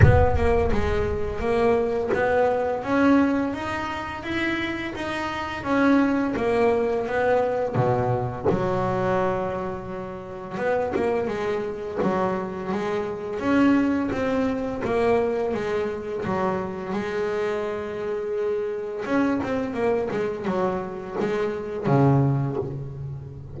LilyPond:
\new Staff \with { instrumentName = "double bass" } { \time 4/4 \tempo 4 = 85 b8 ais8 gis4 ais4 b4 | cis'4 dis'4 e'4 dis'4 | cis'4 ais4 b4 b,4 | fis2. b8 ais8 |
gis4 fis4 gis4 cis'4 | c'4 ais4 gis4 fis4 | gis2. cis'8 c'8 | ais8 gis8 fis4 gis4 cis4 | }